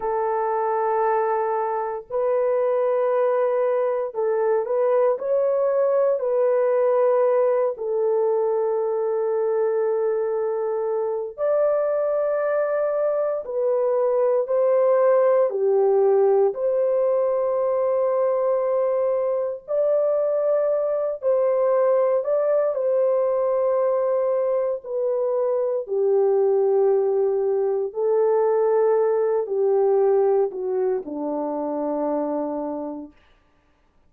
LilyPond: \new Staff \with { instrumentName = "horn" } { \time 4/4 \tempo 4 = 58 a'2 b'2 | a'8 b'8 cis''4 b'4. a'8~ | a'2. d''4~ | d''4 b'4 c''4 g'4 |
c''2. d''4~ | d''8 c''4 d''8 c''2 | b'4 g'2 a'4~ | a'8 g'4 fis'8 d'2 | }